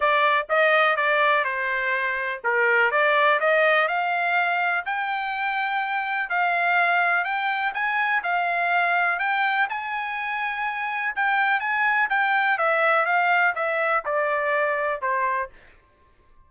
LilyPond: \new Staff \with { instrumentName = "trumpet" } { \time 4/4 \tempo 4 = 124 d''4 dis''4 d''4 c''4~ | c''4 ais'4 d''4 dis''4 | f''2 g''2~ | g''4 f''2 g''4 |
gis''4 f''2 g''4 | gis''2. g''4 | gis''4 g''4 e''4 f''4 | e''4 d''2 c''4 | }